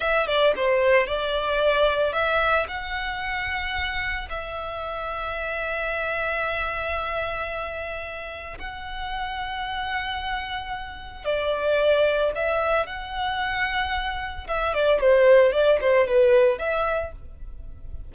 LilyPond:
\new Staff \with { instrumentName = "violin" } { \time 4/4 \tempo 4 = 112 e''8 d''8 c''4 d''2 | e''4 fis''2. | e''1~ | e''1 |
fis''1~ | fis''4 d''2 e''4 | fis''2. e''8 d''8 | c''4 d''8 c''8 b'4 e''4 | }